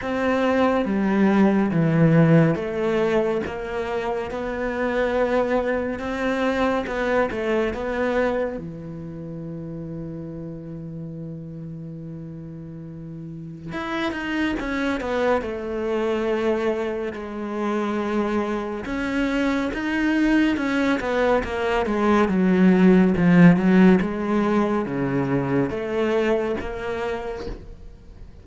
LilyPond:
\new Staff \with { instrumentName = "cello" } { \time 4/4 \tempo 4 = 70 c'4 g4 e4 a4 | ais4 b2 c'4 | b8 a8 b4 e2~ | e1 |
e'8 dis'8 cis'8 b8 a2 | gis2 cis'4 dis'4 | cis'8 b8 ais8 gis8 fis4 f8 fis8 | gis4 cis4 a4 ais4 | }